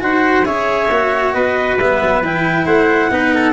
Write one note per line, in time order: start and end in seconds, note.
0.00 0.46 D#4
0.00 0.44 F#4
0.00 0.47 C5
0.00 0.45 F#5
0.45 0.90 C#4
0.45 0.90 G#4
0.45 1.35 C#5
0.45 1.33 E5
0.90 1.34 A#3
0.90 1.80 F#4
1.33 1.78 B3
1.33 2.66 B4
1.33 1.77 D#5
1.79 2.01 G3
1.79 2.24 B3
1.79 2.23 E5
2.02 2.22 F#3
2.22 2.66 E3
2.22 3.12 E4
2.22 2.67 G5
2.66 3.10 A3
2.66 3.11 C5
2.66 3.53 F#5
3.11 3.53 B3
3.11 3.53 D#4
3.11 3.35 B4
3.35 3.53 A4